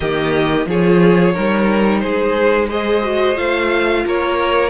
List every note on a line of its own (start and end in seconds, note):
0.00 0.66 D#3
0.00 0.68 A#3
0.00 0.66 G4
0.00 0.66 D#5
0.66 1.33 F3
0.66 1.34 F4
0.66 1.33 G#4
0.66 1.99 C#5
1.33 2.04 G3
1.33 2.69 D#4
1.33 2.01 A#4
1.99 3.37 G#3
1.99 2.68 G#4
1.99 2.67 C5
2.68 3.03 G#4
2.68 4.03 C5
2.68 3.37 D#5
3.03 3.35 F#4
3.35 4.05 A3
3.35 4.69 F4
3.35 4.05 F5
4.06 4.69 A#3
4.06 4.69 A#4
4.06 4.69 C#5